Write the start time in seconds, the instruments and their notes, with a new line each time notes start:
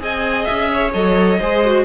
0.00 cello C4, viola G#4, violin D#5 G#5
0.45 cello C#4, violin E5
0.73 violin C#5
0.94 cello F#3, viola A4, violin D#5
1.40 cello G#3, viola G#4, violin C5
1.65 viola F#4